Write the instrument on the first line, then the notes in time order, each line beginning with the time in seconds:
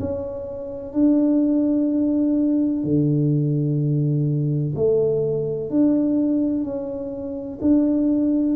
tuba
0.00 C#4
0.94 D4
2.84 D3
4.75 A3
5.70 D4
6.64 C#4
7.62 D4